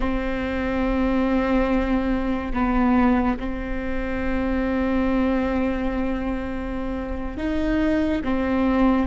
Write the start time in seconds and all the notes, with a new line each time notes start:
0.00 C4
2.53 B3
3.39 C4
7.37 D#4
8.24 C4